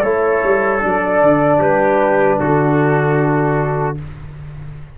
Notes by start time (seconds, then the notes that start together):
0.00 A3 E4 A4 C#5
0.43 G3
0.79 F#3 D4 D5
1.22 D3
1.59 G3 G4 B4
2.39 D3 F#4 A4